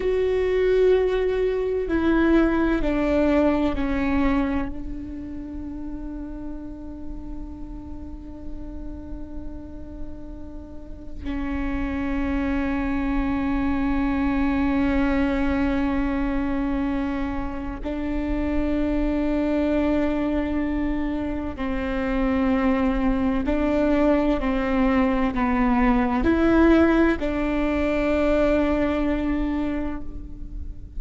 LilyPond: \new Staff \with { instrumentName = "viola" } { \time 4/4 \tempo 4 = 64 fis'2 e'4 d'4 | cis'4 d'2.~ | d'1 | cis'1~ |
cis'2. d'4~ | d'2. c'4~ | c'4 d'4 c'4 b4 | e'4 d'2. | }